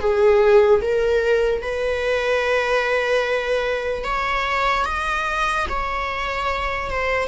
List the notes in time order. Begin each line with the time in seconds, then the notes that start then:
0.00 G#4
0.82 A#4
1.62 B4
4.04 C#5
4.85 D#5
5.69 C#5
6.90 C5